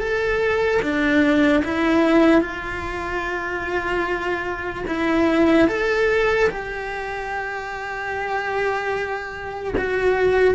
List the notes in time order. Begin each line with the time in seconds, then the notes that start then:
0.00 A4
0.82 D4
1.65 E4
2.41 F4
4.87 E4
5.68 A4
6.50 G4
9.77 F#4